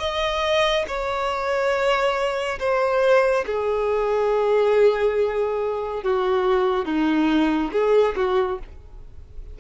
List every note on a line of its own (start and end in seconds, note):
0.00 0.86 D#5
0.88 2.59 C#5
2.59 3.45 C5
3.46 6.03 G#4
6.03 6.86 F#4
6.86 7.71 D#4
7.72 8.15 G#4
8.16 8.59 F#4